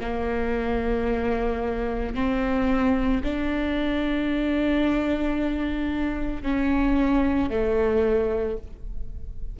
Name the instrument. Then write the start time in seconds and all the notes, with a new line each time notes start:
viola
0.00 A#3
2.14 C4
3.23 D4
6.42 C#4
7.50 A3